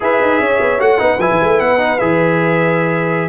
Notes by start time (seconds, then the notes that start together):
0.00 E4 G#4 B4 E5
0.21 D#4
0.39 C#4 C#5
0.59 B3
0.78 A3 F#4 F#5
0.98 B3 D#4 B4
1.18 F3 E4 G#5
1.31 E3
1.42 A3
1.60 B3 F#5
1.78 D#4
1.99 E3 G#4 E5